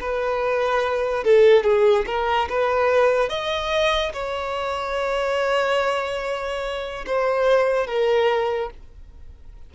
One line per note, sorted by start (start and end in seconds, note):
0.00 1.24 B4
1.24 1.63 A4
1.63 2.05 G#4
2.06 2.48 A#4
2.49 3.29 B4
3.29 4.12 D#5
4.13 7.05 C#5
7.06 7.86 C5
7.86 8.70 A#4